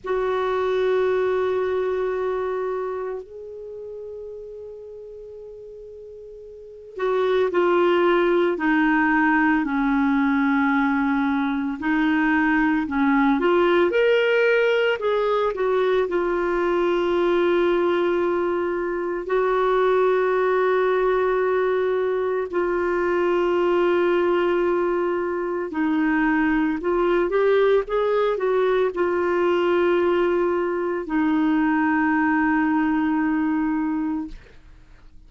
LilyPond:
\new Staff \with { instrumentName = "clarinet" } { \time 4/4 \tempo 4 = 56 fis'2. gis'4~ | gis'2~ gis'8 fis'8 f'4 | dis'4 cis'2 dis'4 | cis'8 f'8 ais'4 gis'8 fis'8 f'4~ |
f'2 fis'2~ | fis'4 f'2. | dis'4 f'8 g'8 gis'8 fis'8 f'4~ | f'4 dis'2. | }